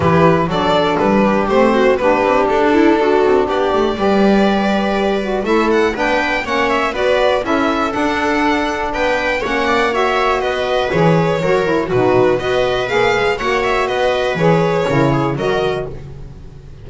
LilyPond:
<<
  \new Staff \with { instrumentName = "violin" } { \time 4/4 \tempo 4 = 121 b'4 d''4 b'4 c''4 | b'4 a'2 d''4~ | d''2. e''8 fis''8 | g''4 fis''8 e''8 d''4 e''4 |
fis''2 g''4 fis''4 | e''4 dis''4 cis''2 | b'4 dis''4 f''4 fis''8 e''8 | dis''4 cis''2 dis''4 | }
  \new Staff \with { instrumentName = "viola" } { \time 4/4 g'4 a'4. g'4 fis'8 | g'4. e'8 fis'4 g'4 | b'2. a'4 | b'4 cis''4 b'4 a'4~ |
a'2 b'4 cis''8 d''8 | cis''4 b'2 ais'4 | fis'4 b'2 cis''4 | b'2 ais'8 gis'8 ais'4 | }
  \new Staff \with { instrumentName = "saxophone" } { \time 4/4 e'4 d'2 c'4 | d'1 | g'2~ g'8 fis'8 e'4 | d'4 cis'4 fis'4 e'4 |
d'2. cis'4 | fis'2 gis'4 fis'8 e'8 | dis'4 fis'4 gis'4 fis'4~ | fis'4 gis'4 e'4 fis'4 | }
  \new Staff \with { instrumentName = "double bass" } { \time 4/4 e4 fis4 g4 a4 | b8 c'8 d'4. c'8 b8 a8 | g2. a4 | b4 ais4 b4 cis'4 |
d'2 b4 ais4~ | ais4 b4 e4 fis4 | b,4 b4 ais8 gis8 ais4 | b4 e4 cis4 fis4 | }
>>